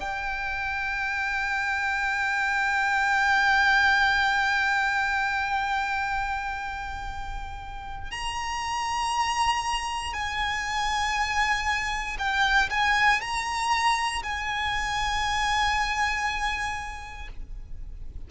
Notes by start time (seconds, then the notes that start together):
0.00 G5
8.11 A#5
10.14 G#5
12.19 G5
12.70 G#5
13.21 A#5
14.23 G#5